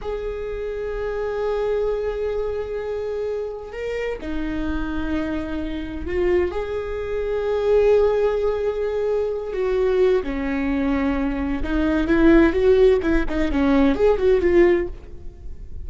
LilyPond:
\new Staff \with { instrumentName = "viola" } { \time 4/4 \tempo 4 = 129 gis'1~ | gis'1 | ais'4 dis'2.~ | dis'4 f'4 gis'2~ |
gis'1~ | gis'8 fis'4. cis'2~ | cis'4 dis'4 e'4 fis'4 | e'8 dis'8 cis'4 gis'8 fis'8 f'4 | }